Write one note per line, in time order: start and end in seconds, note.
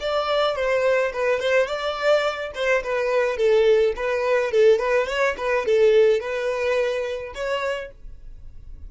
0.00 0.55 D5
0.55 1.12 C5
1.12 1.39 B4
1.39 1.66 C5
1.66 2.51 D5
2.54 2.83 C5
2.83 3.37 B4
3.37 3.93 A4
3.96 4.51 B4
4.51 4.79 A4
4.79 5.07 B4
5.07 5.35 C#5
5.37 5.66 B4
5.66 6.20 A4
6.20 7.33 B4
7.34 7.91 C#5